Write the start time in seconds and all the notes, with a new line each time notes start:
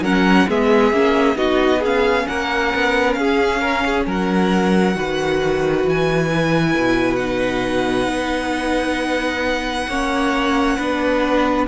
0.00 F#3 C#4 A#4 F#5
0.48 G#3 B3 G#4 E5
0.92 A#3 C#4
1.35 B3 D#4 F#4 D#5
1.79 C#4 G#4
1.85 F5
2.27 A#3 A#4 F#5
2.74 B3
3.13 C#4 G#4 F5
3.61 A#4
3.85 G#4
4.06 F#3 A#4 F#5
4.95 D#3 F#4 B4
5.85 E3 G#5
6.30 E4
6.76 B2
7.16 D#4 F#5
8.07 B3
9.88 A#3 C#4 C#5
10.77 B3 D4 B4